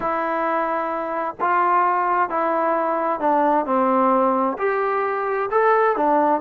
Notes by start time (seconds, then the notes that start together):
0.00 E4
1.40 F4
2.29 E4
3.20 D4
3.65 C4
4.58 G4
5.50 A4
5.96 D4